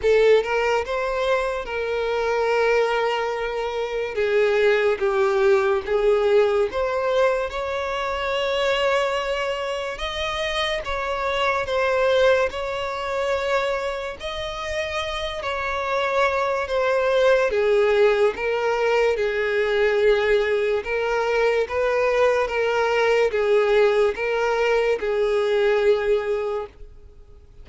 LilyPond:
\new Staff \with { instrumentName = "violin" } { \time 4/4 \tempo 4 = 72 a'8 ais'8 c''4 ais'2~ | ais'4 gis'4 g'4 gis'4 | c''4 cis''2. | dis''4 cis''4 c''4 cis''4~ |
cis''4 dis''4. cis''4. | c''4 gis'4 ais'4 gis'4~ | gis'4 ais'4 b'4 ais'4 | gis'4 ais'4 gis'2 | }